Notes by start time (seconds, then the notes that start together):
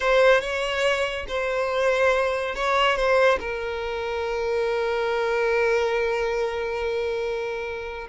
0.00 C5
0.40 C#5
1.27 C5
2.55 C#5
2.96 C5
3.39 A#4